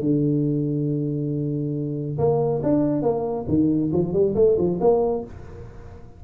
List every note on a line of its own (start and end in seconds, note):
0.00 2.17 D3
2.18 2.61 A#3
2.63 3.02 D4
3.02 3.45 A#3
3.48 3.91 D#3
3.92 4.13 F3
4.13 4.34 G3
4.34 4.56 A3
4.57 4.79 F3
4.80 5.24 A#3